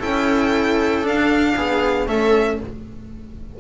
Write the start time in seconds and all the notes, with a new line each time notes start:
0.00 C#4 E4 A4 G5
1.03 D4 F5
1.57 B3 G#4
2.07 A3 C#4 A4 E5